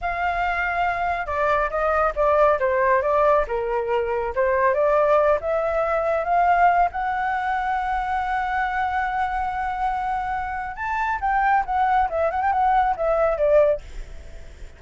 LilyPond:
\new Staff \with { instrumentName = "flute" } { \time 4/4 \tempo 4 = 139 f''2. d''4 | dis''4 d''4 c''4 d''4 | ais'2 c''4 d''4~ | d''8 e''2 f''4. |
fis''1~ | fis''1~ | fis''4 a''4 g''4 fis''4 | e''8 fis''16 g''16 fis''4 e''4 d''4 | }